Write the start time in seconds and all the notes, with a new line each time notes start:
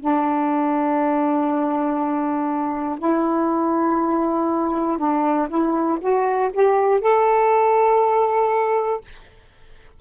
0.00 D4
2.99 E4
4.98 D4
5.48 E4
6.00 F#4
6.53 G4
7.00 A4